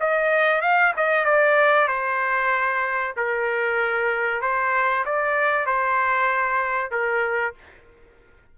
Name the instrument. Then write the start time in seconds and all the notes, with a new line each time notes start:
trumpet
0.00 D#5
0.61 F5
0.96 D#5
1.25 D5
1.88 C5
3.16 A#4
4.41 C5
5.05 D5
5.66 C5
6.91 A#4